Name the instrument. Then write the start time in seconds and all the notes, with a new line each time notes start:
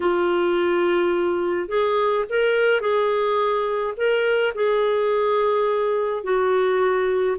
clarinet
0.00 F4
1.68 G#4
2.29 A#4
2.80 G#4
3.96 A#4
4.54 G#4
6.23 F#4